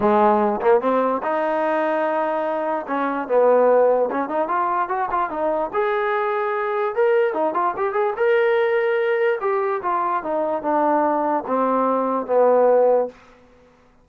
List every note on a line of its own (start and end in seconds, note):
0.00 0.60 G#3
0.61 0.80 A#3
0.80 1.21 C4
1.22 2.86 D#4
2.87 3.28 C#4
3.28 4.09 B3
4.10 4.28 C#4
4.28 4.47 D#4
4.47 4.88 F4
4.88 5.09 F#4
5.10 5.29 F4
5.29 5.70 D#4
5.73 6.95 G#4
6.95 7.33 A#4
7.33 7.54 D#4
7.54 7.74 F4
7.77 7.93 G4
7.93 8.13 G#4
8.16 9.39 A#4
9.41 9.81 G4
9.82 10.23 F4
10.23 10.62 D#4
10.62 11.44 D4
11.46 12.26 C4
12.26 13.08 B3